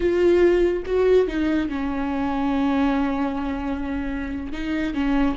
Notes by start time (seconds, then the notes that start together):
0.00 F4
0.85 F#4
1.27 D#4
1.69 C#4
4.52 D#4
4.93 C#4